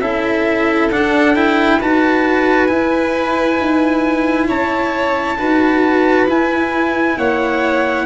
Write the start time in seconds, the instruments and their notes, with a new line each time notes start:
0.00 tuba C#4, cello E4, violin A4, trumpet E5
0.90 tuba D4, cello D4, trumpet F#5
1.36 cello E4, trumpet G5
1.79 tuba D#4, cello F#4, violin B4, trumpet A5
2.67 cello E4, tuba E4, trumpet G#5
3.60 tuba D#4
4.48 tuba C#4, violin C#5, trumpet A5
5.38 tuba D#4, cello F#4, violin B4
6.27 tuba E4, cello E4, trumpet G#5
7.18 tuba A#3, violin C#5, trumpet F#5